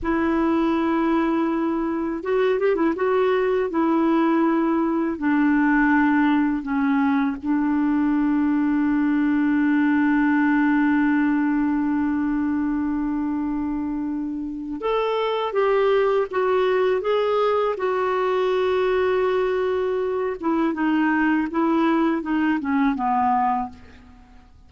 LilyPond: \new Staff \with { instrumentName = "clarinet" } { \time 4/4 \tempo 4 = 81 e'2. fis'8 g'16 e'16 | fis'4 e'2 d'4~ | d'4 cis'4 d'2~ | d'1~ |
d'1 | a'4 g'4 fis'4 gis'4 | fis'2.~ fis'8 e'8 | dis'4 e'4 dis'8 cis'8 b4 | }